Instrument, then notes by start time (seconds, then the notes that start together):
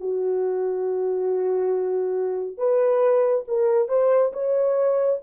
horn
0.00 F#4
2.58 B4
3.47 A#4
3.89 C5
4.33 C#5